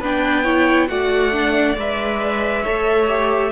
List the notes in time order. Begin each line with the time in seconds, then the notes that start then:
0.00 B3 D4 B4 G5
0.44 E4 C#5
0.88 A3 F#4 D5 F#5
1.32 D4
1.77 G#3 B4 E5
2.63 A3 A4 C#5
3.08 G4